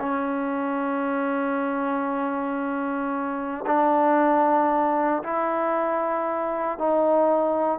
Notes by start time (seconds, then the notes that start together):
0.00 C#4
3.67 D4
5.23 E4
6.79 D#4